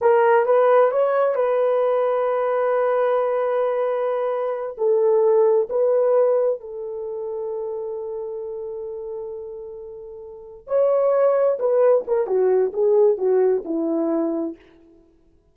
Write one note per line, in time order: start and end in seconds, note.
0.01 0.45 A#4
0.45 0.91 B4
0.91 1.35 C#5
1.35 4.76 B4
4.77 5.68 A4
5.69 6.60 B4
6.60 10.67 A4
10.67 11.58 C#5
11.59 12.04 B4
12.07 12.26 A#4
12.26 12.72 F#4
12.73 13.17 G#4
13.17 13.63 F#4
13.64 14.55 E4